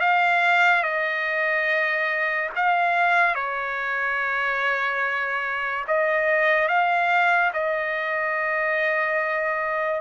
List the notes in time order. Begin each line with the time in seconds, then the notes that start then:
0.00 F5
0.83 D#5
2.56 F5
3.35 C#5
5.87 D#5
6.68 F5
7.53 D#5